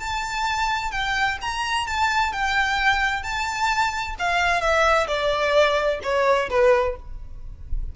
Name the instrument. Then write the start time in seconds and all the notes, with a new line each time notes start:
violin
0.00 A5
0.92 G5
1.42 A#5
1.87 A5
2.33 G5
3.23 A5
4.19 F5
4.61 E5
5.08 D5
6.03 C#5
6.50 B4